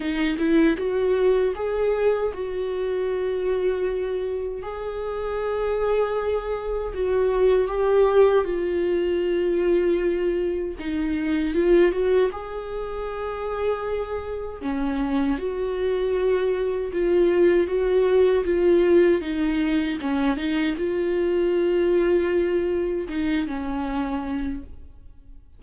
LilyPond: \new Staff \with { instrumentName = "viola" } { \time 4/4 \tempo 4 = 78 dis'8 e'8 fis'4 gis'4 fis'4~ | fis'2 gis'2~ | gis'4 fis'4 g'4 f'4~ | f'2 dis'4 f'8 fis'8 |
gis'2. cis'4 | fis'2 f'4 fis'4 | f'4 dis'4 cis'8 dis'8 f'4~ | f'2 dis'8 cis'4. | }